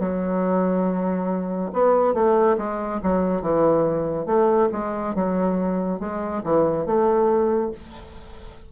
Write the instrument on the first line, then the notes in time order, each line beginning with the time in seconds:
bassoon
0.00 F#3
1.73 B3
2.14 A3
2.58 G#3
3.03 F#3
3.42 E3
4.26 A3
4.72 G#3
5.15 F#3
6.00 G#3
6.44 E3
6.86 A3